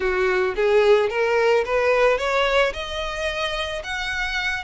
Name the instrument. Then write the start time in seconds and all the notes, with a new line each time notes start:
violin
0.00 F#4
0.56 G#4
1.09 A#4
1.65 B4
2.18 C#5
2.73 D#5
3.83 F#5